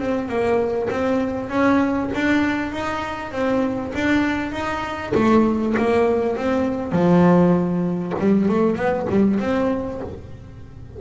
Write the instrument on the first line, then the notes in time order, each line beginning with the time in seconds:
double bass
0.00 C4
0.29 A#3
0.91 C4
1.50 C#4
2.15 D4
2.72 D#4
3.32 C4
3.95 D4
4.53 D#4
5.15 A3
5.78 A#3
6.37 C4
6.93 F3
8.20 G3
8.49 A3
8.76 B3
9.10 G3
9.40 C4